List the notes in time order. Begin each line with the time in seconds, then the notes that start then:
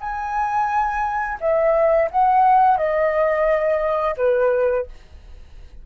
0.00 G#5
1.40 E5
2.11 F#5
2.77 D#5
4.17 B4